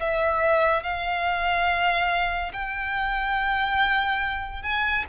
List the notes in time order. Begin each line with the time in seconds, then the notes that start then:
0.00 E5
0.83 F5
2.54 G5
4.63 G#5